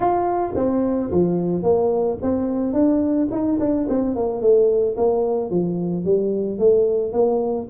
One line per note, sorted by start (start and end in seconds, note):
0.00 0.53 F4
0.55 1.10 C4
1.11 1.62 F3
1.62 2.17 A#3
2.22 2.73 C4
2.73 3.28 D4
3.31 3.58 D#4
3.59 3.87 D4
3.88 4.15 C4
4.15 4.41 A#3
4.41 4.96 A3
4.97 5.50 A#3
5.50 6.05 F3
6.05 6.59 G3
6.59 7.12 A3
7.12 7.67 A#3